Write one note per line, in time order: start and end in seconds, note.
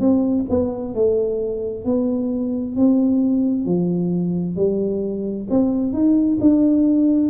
0.00 0.45 C4
0.50 0.94 B3
0.94 1.85 A3
1.85 2.76 B3
2.76 3.66 C4
3.66 4.56 F3
4.56 5.47 G3
5.50 5.93 C4
5.93 6.38 D#4
6.40 7.30 D4